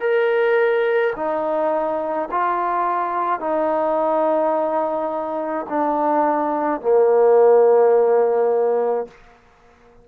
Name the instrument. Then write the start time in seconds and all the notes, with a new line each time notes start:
trombone
0.00 A#4
1.15 D#4
2.31 F4
3.40 D#4
5.69 D4
6.81 A#3